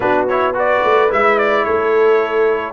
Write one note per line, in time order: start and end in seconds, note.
0.00 0.82 B3
0.00 0.27 D4
0.00 0.54 F#4
0.00 0.27 B4
0.28 0.53 E4
0.28 0.56 C#5
0.53 1.08 F#4
0.53 1.64 B4
0.53 1.12 D5
0.84 1.11 A3
1.09 1.66 G#3
1.09 2.72 E4
1.09 1.38 E5
1.38 1.64 D5
1.64 2.72 A3
1.64 2.72 A4
1.64 2.72 C#5